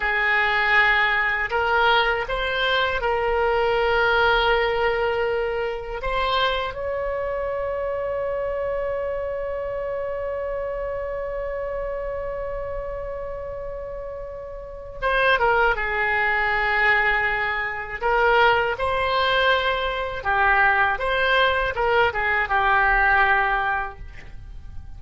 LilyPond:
\new Staff \with { instrumentName = "oboe" } { \time 4/4 \tempo 4 = 80 gis'2 ais'4 c''4 | ais'1 | c''4 cis''2.~ | cis''1~ |
cis''1 | c''8 ais'8 gis'2. | ais'4 c''2 g'4 | c''4 ais'8 gis'8 g'2 | }